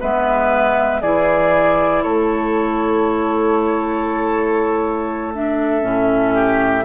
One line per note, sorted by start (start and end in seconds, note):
0.00 1.02 G#3
0.00 1.02 B3
0.00 1.01 B4
0.00 1.01 E5
1.01 2.03 E3
1.01 5.35 E4
1.01 2.03 G#4
1.01 2.03 D5
2.03 5.83 A3
2.03 6.34 A4
2.03 5.33 C#5
5.35 5.81 D4
5.35 6.84 E5
5.81 6.84 A2
5.81 6.83 C#4
6.34 6.84 G4